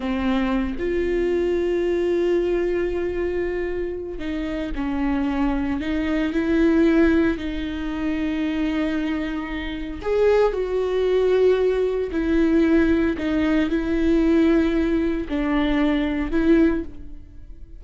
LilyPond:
\new Staff \with { instrumentName = "viola" } { \time 4/4 \tempo 4 = 114 c'4. f'2~ f'8~ | f'1 | dis'4 cis'2 dis'4 | e'2 dis'2~ |
dis'2. gis'4 | fis'2. e'4~ | e'4 dis'4 e'2~ | e'4 d'2 e'4 | }